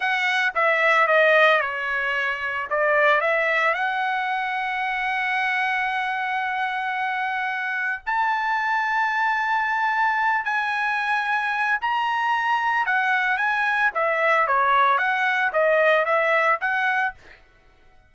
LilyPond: \new Staff \with { instrumentName = "trumpet" } { \time 4/4 \tempo 4 = 112 fis''4 e''4 dis''4 cis''4~ | cis''4 d''4 e''4 fis''4~ | fis''1~ | fis''2. a''4~ |
a''2.~ a''8 gis''8~ | gis''2 ais''2 | fis''4 gis''4 e''4 cis''4 | fis''4 dis''4 e''4 fis''4 | }